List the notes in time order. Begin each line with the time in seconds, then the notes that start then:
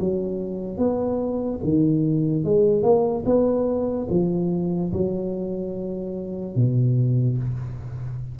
0.00 F#3
0.78 B3
1.64 D#3
2.44 G#3
2.83 A#3
3.25 B3
4.10 F3
4.93 F#3
6.56 B2